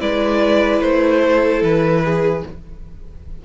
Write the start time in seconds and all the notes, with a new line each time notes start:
0.00 G#3 E4 B4 D5
0.80 A3 C5
1.21 A4
1.62 E3 B4
2.05 G#4